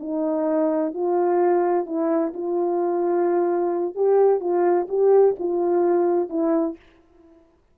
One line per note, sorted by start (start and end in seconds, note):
0.00 0.94 D#4
0.94 1.86 F4
1.86 2.33 E4
2.34 3.95 F4
3.95 4.40 G4
4.40 4.87 F4
4.89 5.35 G4
5.39 6.29 F4
6.29 6.76 E4